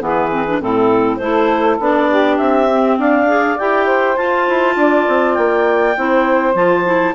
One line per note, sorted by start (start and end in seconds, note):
0.00 0.61 E3
0.00 0.30 B3
0.00 0.60 G#4
0.06 0.62 B4
0.31 0.46 C4
0.48 0.61 D4
0.61 1.20 A2
0.61 1.20 C4
0.61 1.21 E4
0.61 1.17 A4
1.17 1.79 A3
1.17 1.80 E4
1.17 2.10 A4
1.17 1.76 C5
1.80 2.39 B3
1.80 2.69 D4
1.80 2.38 D5
2.10 2.99 G4
2.38 2.99 C4
2.38 2.97 E5
2.71 3.28 C4
2.99 3.58 D4
2.99 3.86 D5
2.99 3.59 F5
3.28 3.57 G#4
3.59 4.18 E4
3.59 4.17 G4
3.59 4.17 G5
3.86 4.75 C5
4.17 5.95 F4
4.17 4.48 F4
4.17 5.35 A5
4.49 4.77 E4
4.77 5.06 D4
4.77 5.98 D5
5.09 5.38 C4
5.35 5.97 A#3
5.35 6.53 G5
5.97 6.55 C4
5.97 6.55 E4
5.97 7.15 C5
6.55 7.14 F3
6.55 6.84 F4
6.55 7.15 A5
6.85 7.15 E4